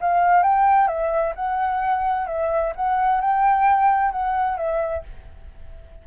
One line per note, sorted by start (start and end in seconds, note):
0.00 0.42 F5
0.42 0.87 G5
0.87 1.33 E5
1.35 2.27 F#5
2.27 2.73 E5
2.75 3.20 F#5
3.20 4.11 G5
4.11 4.57 F#5
4.57 5.03 E5